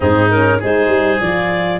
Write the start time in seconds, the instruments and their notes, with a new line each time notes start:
0.00 tuba G#2, horn C4, oboe D#4, clarinet G#4
0.30 horn C#4, clarinet A#4
0.59 tuba G#3, horn D#4, oboe G#4, clarinet C5
0.88 tuba G3
1.20 tuba F3, horn F4, clarinet D5